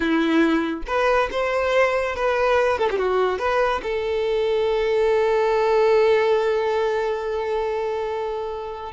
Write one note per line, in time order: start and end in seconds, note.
0.00 0.83 E4
0.86 1.29 B4
1.31 2.15 C5
2.15 2.78 B4
2.78 2.88 A4
2.90 2.97 G4
2.97 3.38 F#4
3.38 3.81 B4
3.83 8.92 A4